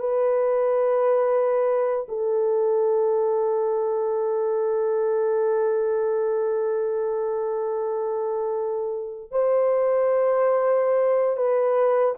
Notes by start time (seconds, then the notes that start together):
0.00 B4
2.09 A4
9.32 C5
11.37 B4